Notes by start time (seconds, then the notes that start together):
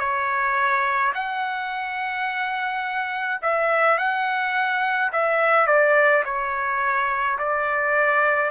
0.00 C#5
1.15 F#5
3.42 E5
3.98 F#5
5.13 E5
5.67 D5
6.25 C#5
7.39 D5